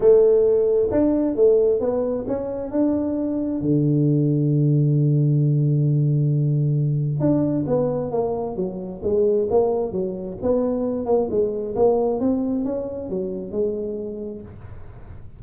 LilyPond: \new Staff \with { instrumentName = "tuba" } { \time 4/4 \tempo 4 = 133 a2 d'4 a4 | b4 cis'4 d'2 | d1~ | d1 |
d'4 b4 ais4 fis4 | gis4 ais4 fis4 b4~ | b8 ais8 gis4 ais4 c'4 | cis'4 fis4 gis2 | }